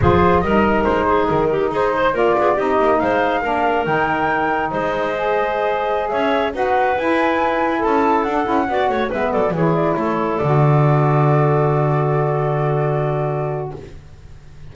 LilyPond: <<
  \new Staff \with { instrumentName = "flute" } { \time 4/4 \tempo 4 = 140 c''4 dis''4 c''4 ais'4 | c''4 d''4 dis''4 f''4~ | f''4 g''2 dis''4~ | dis''2~ dis''16 e''4 fis''8.~ |
fis''16 gis''2 a''4 fis''8.~ | fis''4~ fis''16 e''8 d''8 cis''8 d''8 cis''8.~ | cis''16 d''2.~ d''8.~ | d''1 | }
  \new Staff \with { instrumentName = "clarinet" } { \time 4/4 gis'4 ais'4. gis'4 g'8 | gis'8 c''8 ais'8 gis'8 g'4 c''4 | ais'2. c''4~ | c''2~ c''16 cis''4 b'8.~ |
b'2~ b'16 a'4.~ a'16~ | a'16 d''8 cis''8 b'8 a'8 gis'4 a'8.~ | a'1~ | a'1 | }
  \new Staff \with { instrumentName = "saxophone" } { \time 4/4 f'4 dis'2.~ | dis'4 f'4 dis'2 | d'4 dis'2. | gis'2.~ gis'16 fis'8.~ |
fis'16 e'2. d'8 e'16~ | e'16 fis'4 b4 e'4.~ e'16~ | e'16 fis'2.~ fis'8.~ | fis'1 | }
  \new Staff \with { instrumentName = "double bass" } { \time 4/4 f4 g4 gis4 dis4 | dis'4 ais8 b8 c'8 ais8 gis4 | ais4 dis2 gis4~ | gis2~ gis16 cis'4 dis'8.~ |
dis'16 e'2 cis'4 d'8 cis'16~ | cis'16 b8 a8 gis8 fis8 e4 a8.~ | a16 d2.~ d8.~ | d1 | }
>>